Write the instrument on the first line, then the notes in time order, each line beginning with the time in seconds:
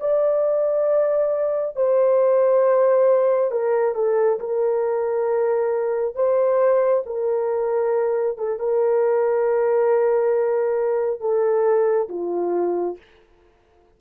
horn
0.00 D5
1.76 C5
3.51 A#4
3.95 A4
4.40 A#4
6.15 C5
7.06 A#4
8.37 A4
8.59 A#4
11.20 A4
12.09 F4